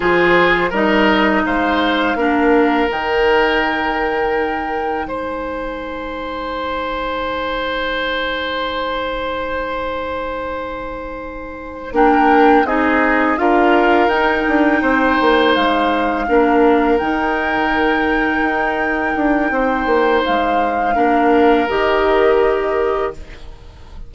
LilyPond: <<
  \new Staff \with { instrumentName = "flute" } { \time 4/4 \tempo 4 = 83 c''4 dis''4 f''2 | g''2. gis''4~ | gis''1~ | gis''1~ |
gis''8 g''4 dis''4 f''4 g''8~ | g''4. f''2 g''8~ | g''1 | f''2 dis''2 | }
  \new Staff \with { instrumentName = "oboe" } { \time 4/4 gis'4 ais'4 c''4 ais'4~ | ais'2. c''4~ | c''1~ | c''1~ |
c''8 ais'4 gis'4 ais'4.~ | ais'8 c''2 ais'4.~ | ais'2. c''4~ | c''4 ais'2. | }
  \new Staff \with { instrumentName = "clarinet" } { \time 4/4 f'4 dis'2 d'4 | dis'1~ | dis'1~ | dis'1~ |
dis'8 d'4 dis'4 f'4 dis'8~ | dis'2~ dis'8 d'4 dis'8~ | dis'1~ | dis'4 d'4 g'2 | }
  \new Staff \with { instrumentName = "bassoon" } { \time 4/4 f4 g4 gis4 ais4 | dis2. gis4~ | gis1~ | gis1~ |
gis8 ais4 c'4 d'4 dis'8 | d'8 c'8 ais8 gis4 ais4 dis8~ | dis4. dis'4 d'8 c'8 ais8 | gis4 ais4 dis2 | }
>>